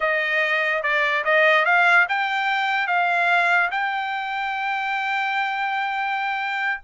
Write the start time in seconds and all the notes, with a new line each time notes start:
0.00 D#5
0.82 D5
1.24 D#5
1.65 F5
2.09 G5
2.87 F5
3.71 G5